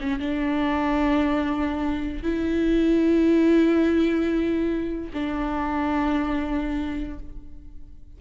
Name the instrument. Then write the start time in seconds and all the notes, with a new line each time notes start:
viola
0.00 C#4
0.19 D4
2.23 E4
5.13 D4